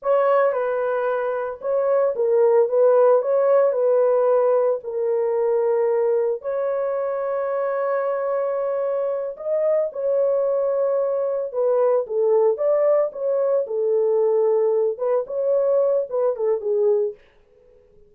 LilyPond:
\new Staff \with { instrumentName = "horn" } { \time 4/4 \tempo 4 = 112 cis''4 b'2 cis''4 | ais'4 b'4 cis''4 b'4~ | b'4 ais'2. | cis''1~ |
cis''4. dis''4 cis''4.~ | cis''4. b'4 a'4 d''8~ | d''8 cis''4 a'2~ a'8 | b'8 cis''4. b'8 a'8 gis'4 | }